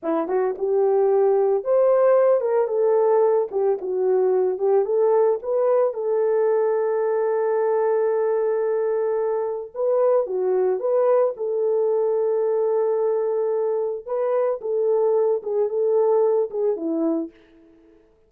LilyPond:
\new Staff \with { instrumentName = "horn" } { \time 4/4 \tempo 4 = 111 e'8 fis'8 g'2 c''4~ | c''8 ais'8 a'4. g'8 fis'4~ | fis'8 g'8 a'4 b'4 a'4~ | a'1~ |
a'2 b'4 fis'4 | b'4 a'2.~ | a'2 b'4 a'4~ | a'8 gis'8 a'4. gis'8 e'4 | }